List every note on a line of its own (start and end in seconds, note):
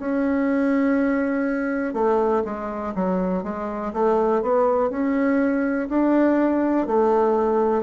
0.00 1.94 C#4
1.94 2.43 A3
2.45 2.94 G#3
2.96 3.43 F#3
3.43 3.93 G#3
3.93 4.43 A3
4.43 4.90 B3
4.90 5.89 C#4
5.89 6.87 D4
6.87 7.84 A3